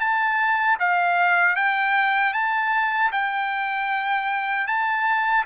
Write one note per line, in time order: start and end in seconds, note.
0.00 0.78 A5
0.80 1.56 F5
1.56 2.33 G5
2.33 3.11 A5
3.12 4.67 G5
4.67 5.45 A5